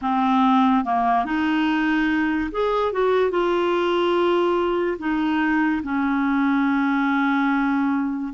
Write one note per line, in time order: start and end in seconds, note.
0.01 0.84 C4
0.84 1.25 A#3
1.25 2.50 D#4
2.51 2.92 G#4
2.92 3.30 F#4
3.30 4.97 F4
4.98 5.81 D#4
5.83 8.33 C#4